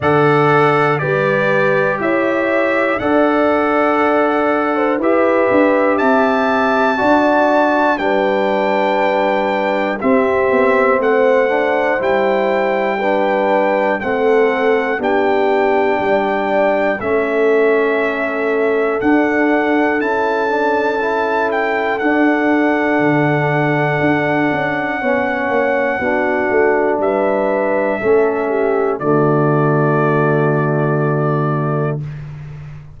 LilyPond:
<<
  \new Staff \with { instrumentName = "trumpet" } { \time 4/4 \tempo 4 = 60 fis''4 d''4 e''4 fis''4~ | fis''4 e''4 a''2 | g''2 e''4 fis''4 | g''2 fis''4 g''4~ |
g''4 e''2 fis''4 | a''4. g''8 fis''2~ | fis''2. e''4~ | e''4 d''2. | }
  \new Staff \with { instrumentName = "horn" } { \time 4/4 d''4 b'4 cis''4 d''4~ | d''8. c''16 b'4 e''4 d''4 | b'2 g'4 c''4~ | c''4 b'4 a'4 g'4 |
d''4 a'2.~ | a'1~ | a'4 cis''4 fis'4 b'4 | a'8 g'8 fis'2. | }
  \new Staff \with { instrumentName = "trombone" } { \time 4/4 a'4 g'2 a'4~ | a'4 g'2 fis'4 | d'2 c'4. d'8 | e'4 d'4 c'4 d'4~ |
d'4 cis'2 d'4 | e'8 d'8 e'4 d'2~ | d'4 cis'4 d'2 | cis'4 a2. | }
  \new Staff \with { instrumentName = "tuba" } { \time 4/4 d4 g4 e'4 d'4~ | d'4 e'8 d'8 c'4 d'4 | g2 c'8 b8 a4 | g2 a4 b4 |
g4 a2 d'4 | cis'2 d'4 d4 | d'8 cis'8 b8 ais8 b8 a8 g4 | a4 d2. | }
>>